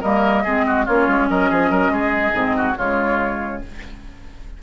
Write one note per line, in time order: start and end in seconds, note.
0.00 0.45 G3
0.00 0.45 A#3
0.00 0.42 A#4
0.00 0.85 D#5
0.44 0.87 G#3
0.44 0.87 C4
0.44 0.65 G#4
0.66 0.85 F#4
0.85 1.07 A#3
0.85 2.33 C#4
0.85 1.27 F4
0.85 1.28 C#5
1.07 1.29 G#3
1.28 1.50 F#3
1.28 1.49 A#4
1.28 2.76 D#5
1.49 1.70 F3
1.49 1.70 G#4
1.70 1.89 F#3
1.70 1.91 A#4
1.89 2.31 G#3
1.89 2.56 G#4
2.33 2.76 G#2
2.33 2.76 C4
2.56 2.77 F#4
2.77 3.62 C#3
2.77 3.62 G#3
2.77 3.62 F4
2.77 3.61 C#5